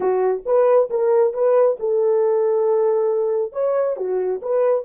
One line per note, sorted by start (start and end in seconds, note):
0.00 0.42 F#4
0.45 0.89 B4
0.89 1.33 A#4
1.33 1.77 B4
1.79 3.52 A4
3.52 3.96 C#5
3.96 4.41 F#4
4.42 4.84 B4